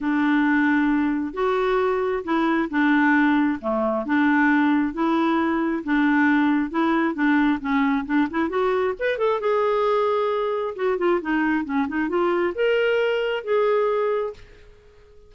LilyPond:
\new Staff \with { instrumentName = "clarinet" } { \time 4/4 \tempo 4 = 134 d'2. fis'4~ | fis'4 e'4 d'2 | a4 d'2 e'4~ | e'4 d'2 e'4 |
d'4 cis'4 d'8 e'8 fis'4 | b'8 a'8 gis'2. | fis'8 f'8 dis'4 cis'8 dis'8 f'4 | ais'2 gis'2 | }